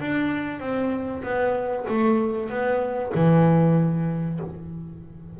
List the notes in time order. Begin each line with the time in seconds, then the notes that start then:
0.00 D4
0.60 C4
1.23 B3
1.88 A3
2.50 B3
3.15 E3